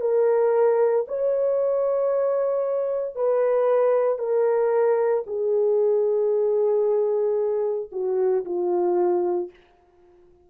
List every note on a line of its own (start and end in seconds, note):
0.00 1.05 A#4
1.08 3.15 C#5
3.15 4.18 B4
4.18 5.23 A#4
5.26 7.89 G#4
7.91 8.44 F#4
8.44 9.50 F4